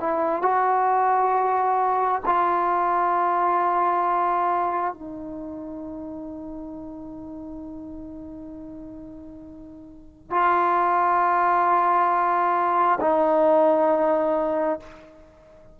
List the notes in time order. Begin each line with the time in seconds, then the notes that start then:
0.00 E4
0.42 F#4
2.26 F4
4.94 D#4
10.30 F4
13.01 D#4